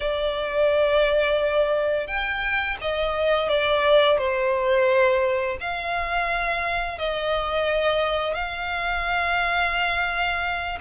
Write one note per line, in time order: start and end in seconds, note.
0.00 2.07 D5
2.07 2.77 G5
2.81 3.49 D#5
3.49 4.18 D5
4.18 5.57 C5
5.60 6.98 F5
6.98 8.34 D#5
8.34 10.78 F5